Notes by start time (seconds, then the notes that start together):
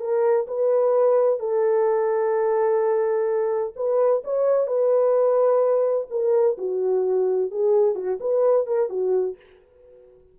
0.00 A#4
0.48 B4
1.40 A4
3.76 B4
4.24 C#5
4.67 B4
6.10 A#4
6.58 F#4
7.51 G#4
7.95 F#4
8.21 B4
8.67 A#4
8.90 F#4